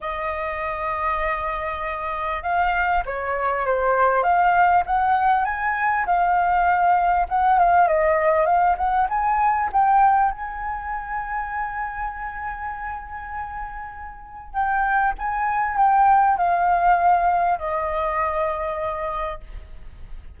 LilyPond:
\new Staff \with { instrumentName = "flute" } { \time 4/4 \tempo 4 = 99 dis''1 | f''4 cis''4 c''4 f''4 | fis''4 gis''4 f''2 | fis''8 f''8 dis''4 f''8 fis''8 gis''4 |
g''4 gis''2.~ | gis''1 | g''4 gis''4 g''4 f''4~ | f''4 dis''2. | }